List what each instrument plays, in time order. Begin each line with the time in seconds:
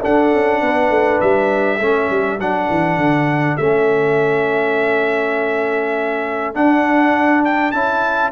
0.00 trombone D4, tuba D4, horn A4, trumpet F#5
0.33 tuba C#4
0.61 tuba B3, horn B4
0.90 tuba A3
1.20 tuba G3, trumpet E5
1.79 tuba A3, trombone C#4, horn A4
2.10 tuba G3
2.39 tuba F#3, trombone D4, trumpet F#5
2.70 tuba E3
2.97 tuba D3
3.57 tuba A3, trombone C#4, trumpet E5
6.54 trombone D4, tuba D4, trumpet F#5
7.44 trumpet G5
7.71 tuba C#4, trombone E4, trumpet A5